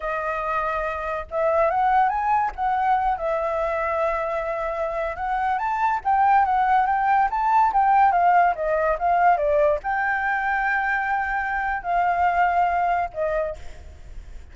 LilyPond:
\new Staff \with { instrumentName = "flute" } { \time 4/4 \tempo 4 = 142 dis''2. e''4 | fis''4 gis''4 fis''4. e''8~ | e''1~ | e''16 fis''4 a''4 g''4 fis''8.~ |
fis''16 g''4 a''4 g''4 f''8.~ | f''16 dis''4 f''4 d''4 g''8.~ | g''1 | f''2. dis''4 | }